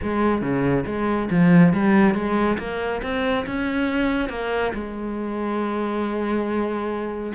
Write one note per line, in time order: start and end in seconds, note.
0.02 0.41 G#3
0.41 0.85 C#3
0.86 1.29 G#3
1.30 1.73 F3
1.73 2.14 G3
2.14 2.57 G#3
2.58 3.01 A#3
3.02 3.45 C4
3.46 4.29 C#4
4.29 4.72 A#3
4.74 7.33 G#3